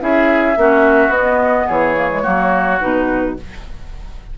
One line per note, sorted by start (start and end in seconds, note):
0.00 0.57 C#4
0.00 0.56 E4
0.00 0.59 G#4
0.00 1.12 E5
0.56 1.08 A#3
0.56 1.12 C#4
0.56 1.67 F#4
1.08 1.64 B3
1.08 1.96 B3
1.08 1.69 D#5
1.67 2.25 E3
1.67 2.22 G#4
1.67 2.80 C#5
1.96 2.10 A#3
2.10 2.23 G#3
2.22 2.82 F#3
2.22 2.79 A#3
2.22 3.34 F#4
2.80 3.38 B2
2.80 3.36 D#4
2.80 3.37 B4